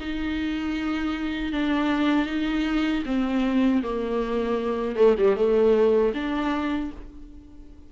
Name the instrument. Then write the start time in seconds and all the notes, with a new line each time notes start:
viola
0.00 D#4
1.52 D4
2.26 D#4
3.05 C4
3.83 A#3
4.96 A3
5.18 G3
5.36 A3
6.14 D4